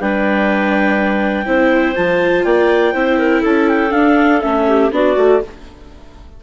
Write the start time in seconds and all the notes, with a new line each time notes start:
0.00 G3 D4 B4 G5
1.45 C4 E4 C5
1.95 F3 F4 A5
2.44 A#3 D5 G5
2.93 C4 E4 C5
3.18 A#4
3.41 C#4 A4 A5
3.68 G5
3.90 D4 F5
4.40 A3 C#4 E5
4.67 G4
4.91 B3 D4 F#4 D5
5.16 A3 F#4